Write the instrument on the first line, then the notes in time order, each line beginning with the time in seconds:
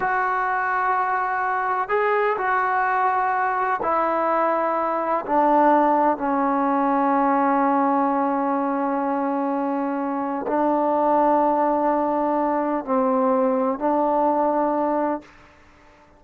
trombone
0.00 F#4
1.89 G#4
2.37 F#4
3.82 E4
5.26 D4
6.17 C#4
10.47 D4
12.84 C4
13.78 D4